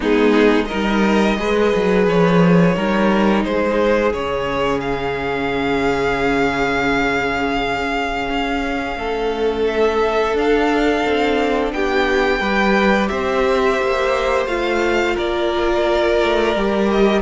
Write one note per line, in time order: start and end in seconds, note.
0.00 0.70 G#3
0.00 0.66 B3
0.00 0.68 D#4
0.00 0.65 G#4
0.65 1.37 D#4
0.65 1.36 A#4
0.65 2.03 D#5
0.72 1.38 G3
1.37 1.73 G#3
1.37 2.75 G#4
1.37 2.75 B4
1.75 2.07 F#3
2.07 2.76 F3
2.07 3.44 C#5
2.75 3.44 G3
2.75 4.13 D#4
2.75 3.44 A#4
3.44 4.13 G#3
3.44 8.97 G#4
3.44 4.12 C5
4.13 8.27 C#3
4.13 10.36 C#4
4.13 4.80 C#5
4.80 9.63 F5
8.29 8.96 C#4
8.96 10.33 A3
8.96 11.73 A4
9.67 10.35 E5
10.33 11.02 D4
10.33 12.41 D4
10.33 11.72 F5
11.06 11.72 C4
11.72 12.40 B3
11.72 12.40 G4
11.72 13.08 G5
12.40 13.08 G3
12.40 14.48 G4
12.40 13.09 B4
13.08 13.80 C4
13.08 15.15 C5
13.08 14.46 E5
13.81 14.46 A#3
14.46 15.15 A3
14.46 16.55 F4
14.46 15.16 F5
15.15 16.22 A#3
15.15 17.21 A#4
15.15 16.90 D5
16.22 16.55 A3
16.55 17.21 G3
16.55 17.21 G4
16.90 17.21 D#5